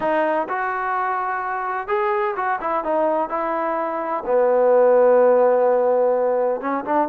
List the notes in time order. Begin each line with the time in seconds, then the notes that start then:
0.00 D#4
0.48 F#4
1.87 G#4
2.36 F#4
2.60 E4
2.84 D#4
3.29 E4
4.26 B3
6.60 C#4
6.85 D4